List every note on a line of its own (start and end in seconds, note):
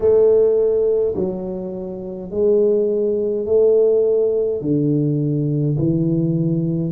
0.00 1.14 A3
1.15 2.30 F#3
2.31 3.46 G#3
3.46 4.61 A3
4.61 5.76 D3
5.77 6.92 E3